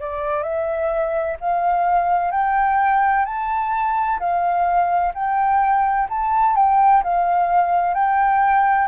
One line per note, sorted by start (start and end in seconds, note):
0.00 0.43 D5
0.43 1.36 E5
1.40 2.31 F5
2.31 3.25 G5
3.25 4.19 A5
4.19 5.13 F5
5.14 6.08 G5
6.09 6.56 A5
6.56 7.03 G5
7.03 7.94 F5
7.94 8.88 G5